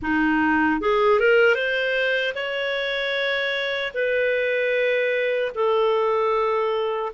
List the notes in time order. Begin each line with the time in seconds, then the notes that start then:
0.01 D#4
0.80 G#4
1.19 A#4
1.54 C5
2.35 C#5
3.94 B4
5.54 A4